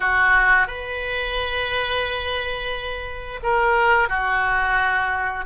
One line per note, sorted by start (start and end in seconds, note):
0.00 0.67 F#4
0.67 3.40 B4
3.42 4.08 A#4
4.08 5.45 F#4